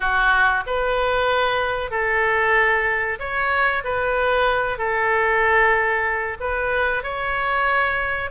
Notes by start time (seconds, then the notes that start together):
0.00 F#4
0.66 B4
1.91 A4
3.19 C#5
3.84 B4
4.78 A4
6.40 B4
7.03 C#5